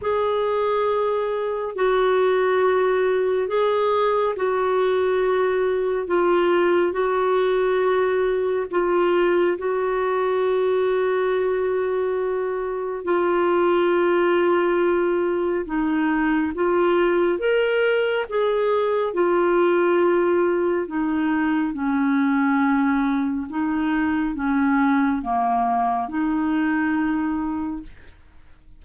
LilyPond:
\new Staff \with { instrumentName = "clarinet" } { \time 4/4 \tempo 4 = 69 gis'2 fis'2 | gis'4 fis'2 f'4 | fis'2 f'4 fis'4~ | fis'2. f'4~ |
f'2 dis'4 f'4 | ais'4 gis'4 f'2 | dis'4 cis'2 dis'4 | cis'4 ais4 dis'2 | }